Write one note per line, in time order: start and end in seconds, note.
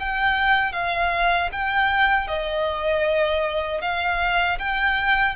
0.00 0.73 G5
0.73 1.50 F5
1.52 2.28 G5
2.28 3.82 D#5
3.82 4.59 F5
4.59 5.36 G5